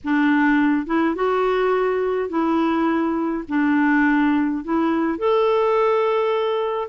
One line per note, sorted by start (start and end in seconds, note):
0.04 0.86 D4
0.86 1.15 E4
1.15 2.29 F#4
2.29 3.44 E4
3.48 4.63 D4
4.64 5.18 E4
5.18 6.88 A4